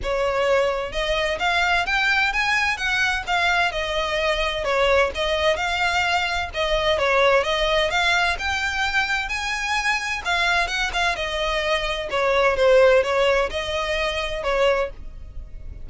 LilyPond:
\new Staff \with { instrumentName = "violin" } { \time 4/4 \tempo 4 = 129 cis''2 dis''4 f''4 | g''4 gis''4 fis''4 f''4 | dis''2 cis''4 dis''4 | f''2 dis''4 cis''4 |
dis''4 f''4 g''2 | gis''2 f''4 fis''8 f''8 | dis''2 cis''4 c''4 | cis''4 dis''2 cis''4 | }